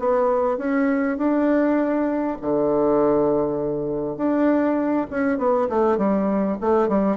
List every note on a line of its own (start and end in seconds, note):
0.00 0.58 B3
0.58 1.18 C#4
1.18 2.38 D4
2.42 4.17 D3
4.17 5.07 D4
5.11 5.39 C#4
5.39 5.69 B3
5.69 5.98 A3
5.98 6.58 G3
6.61 6.89 A3
6.89 7.17 G3